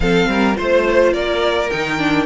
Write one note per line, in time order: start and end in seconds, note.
0.00 0.27 F3
0.00 0.54 C4
0.00 0.29 A4
0.00 0.56 F5
0.27 0.55 G3
0.27 0.57 A#4
0.54 1.13 A3
0.54 1.68 F4
0.54 1.13 C5
1.13 1.70 A#3
1.13 2.25 A#4
1.13 1.69 D5
1.70 2.25 D#3
1.70 1.97 D#4
1.70 2.25 G5
1.97 2.25 D4